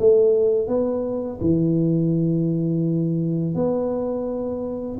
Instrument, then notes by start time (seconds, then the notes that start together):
tuba
0.00 A3
0.68 B3
1.41 E3
3.55 B3